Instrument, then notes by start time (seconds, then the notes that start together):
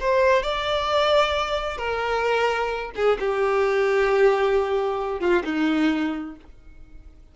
violin
0.00 C5
0.43 D5
1.77 A#4
2.95 G#4
3.19 G4
5.20 F4
5.44 D#4